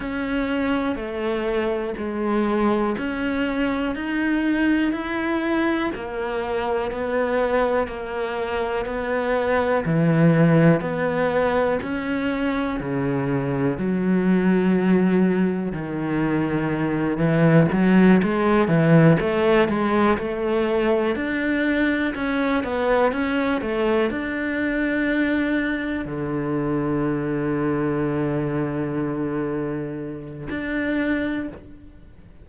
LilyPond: \new Staff \with { instrumentName = "cello" } { \time 4/4 \tempo 4 = 61 cis'4 a4 gis4 cis'4 | dis'4 e'4 ais4 b4 | ais4 b4 e4 b4 | cis'4 cis4 fis2 |
dis4. e8 fis8 gis8 e8 a8 | gis8 a4 d'4 cis'8 b8 cis'8 | a8 d'2 d4.~ | d2. d'4 | }